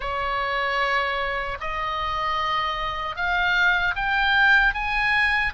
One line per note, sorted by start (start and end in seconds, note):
0.00 1.58 C#5
1.60 3.16 D#5
3.16 3.95 F5
3.95 4.74 G5
4.74 5.53 G#5